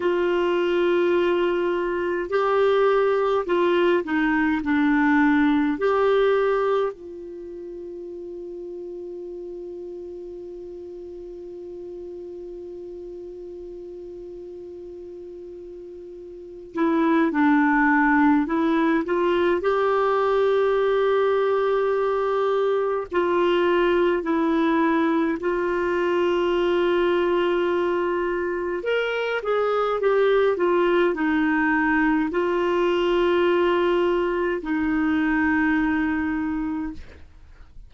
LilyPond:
\new Staff \with { instrumentName = "clarinet" } { \time 4/4 \tempo 4 = 52 f'2 g'4 f'8 dis'8 | d'4 g'4 f'2~ | f'1~ | f'2~ f'8 e'8 d'4 |
e'8 f'8 g'2. | f'4 e'4 f'2~ | f'4 ais'8 gis'8 g'8 f'8 dis'4 | f'2 dis'2 | }